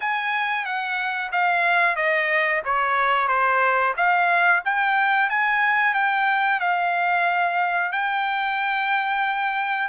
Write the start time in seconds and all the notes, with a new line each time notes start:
0.00 G#5
0.65 F#5
1.32 F5
1.95 D#5
2.64 C#5
3.28 C5
3.96 F5
4.64 G5
5.29 G#5
5.94 G5
6.60 F5
7.92 G5